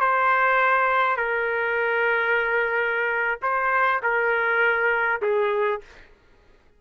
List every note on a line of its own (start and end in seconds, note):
0.00 1.16 C5
1.16 3.39 A#4
3.42 4.01 C5
4.03 5.21 A#4
5.21 5.81 G#4